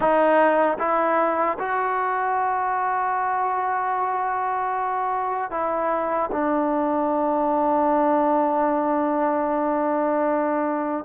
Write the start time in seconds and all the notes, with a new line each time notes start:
0.00 D#4
0.78 E4
1.59 F#4
5.50 E4
6.32 D4